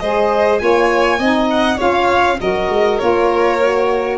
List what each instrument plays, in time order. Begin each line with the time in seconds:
0.00 tuba G#3, saxophone G#4, violin C5 D#5
0.59 tuba A#3, saxophone F4, violin C#5 G#5
1.19 tuba C4, saxophone D#4, violin D#5
1.50 violin F#5
1.77 tuba C#4, saxophone F4, violin C#5 F5
2.41 tuba F#3, saxophone F#4, violin A#4 D#5
2.70 tuba G#3
2.99 tuba A#3, saxophone F4, violin C#5
3.61 saxophone F#4